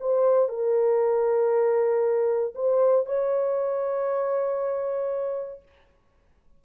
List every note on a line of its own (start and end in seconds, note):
0.00 0.49 C5
0.49 2.54 A#4
2.55 3.06 C5
3.06 5.62 C#5